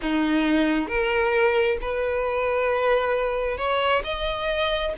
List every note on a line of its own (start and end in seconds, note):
0.01 0.88 D#4
0.88 1.77 A#4
1.81 3.57 B4
3.57 4.02 C#5
4.04 4.93 D#5